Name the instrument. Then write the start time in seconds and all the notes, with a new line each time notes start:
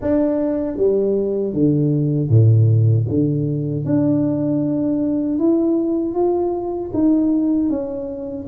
tuba
0.01 D4
0.76 G3
1.53 D3
2.29 A2
3.08 D3
3.85 D4
5.38 E4
6.14 F4
6.93 D#4
7.69 C#4